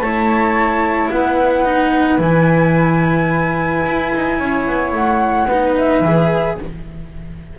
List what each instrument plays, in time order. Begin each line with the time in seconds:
0.00 double bass A3, cello E4, flute C#5 A5
1.11 double bass B3, flute B4 F#5
1.65 cello D#4
2.19 double bass E3, cello E4, flute G#5
3.87 double bass E4
4.15 double bass D#4
4.39 double bass C#4, flute C#5
4.67 double bass B3
4.92 double bass A3, flute F#5
5.47 double bass B3, cello D#4, flute B4
5.77 flute E5
6.00 double bass E3, cello G#4